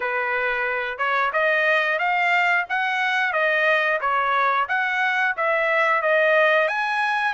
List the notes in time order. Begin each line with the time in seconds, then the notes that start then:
0.00 B4
0.98 C#5
1.32 D#5
1.98 F5
2.69 F#5
3.32 D#5
4.00 C#5
4.68 F#5
5.36 E5
6.02 D#5
6.68 G#5